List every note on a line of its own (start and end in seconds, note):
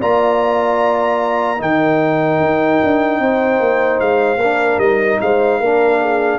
0.00 1.61 A#3
0.00 1.58 F4
0.00 1.60 D5
0.00 1.62 A#5
1.58 2.40 D#3
1.58 4.38 D#4
1.58 3.22 A#4
1.58 4.00 G5
2.40 2.80 D#4
2.83 3.20 D4
3.20 3.60 C4
3.20 4.40 C5
3.60 4.00 A#3
4.00 4.37 G#3
4.00 4.79 F5
4.37 4.77 A#3
4.37 5.20 A#4
4.43 4.83 D4
4.78 5.18 G3
4.78 5.63 D#4
4.78 5.19 D#5
5.21 5.60 G#3
5.21 5.60 C5
5.21 6.39 F5
5.60 6.39 A#3
5.60 6.39 D4
5.60 6.00 A#4
6.01 6.39 G#4